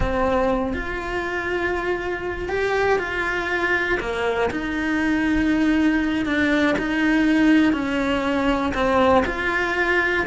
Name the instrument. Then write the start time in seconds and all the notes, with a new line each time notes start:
cello
0.00 C4
0.73 F4
2.48 G4
2.98 F4
4.00 A#3
4.50 D#4
6.25 D4
6.78 D#4
7.72 C#4
8.73 C4
9.26 F4